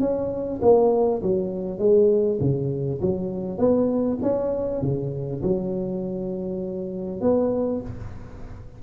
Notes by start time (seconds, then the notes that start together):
0.00 C#4
0.62 A#3
1.22 F#3
1.79 G#3
2.40 C#3
3.01 F#3
3.58 B3
4.22 C#4
4.82 C#3
5.43 F#3
7.21 B3